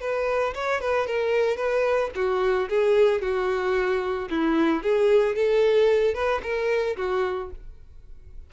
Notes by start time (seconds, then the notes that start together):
0.00 B4
0.54 C#5
0.81 B4
1.06 A#4
1.57 B4
2.15 F#4
2.69 G#4
3.21 F#4
4.30 E4
4.82 G#4
5.35 A4
6.14 B4
6.42 A#4
6.96 F#4